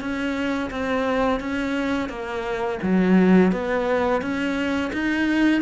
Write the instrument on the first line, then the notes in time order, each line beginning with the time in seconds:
cello
0.00 C#4
0.70 C4
1.40 C#4
2.09 A#3
2.82 F#3
3.51 B3
4.21 C#4
4.92 D#4